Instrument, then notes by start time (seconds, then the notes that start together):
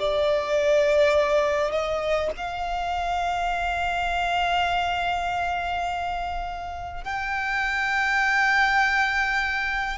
violin
0.00 D5
1.72 D#5
2.37 F5
7.05 G5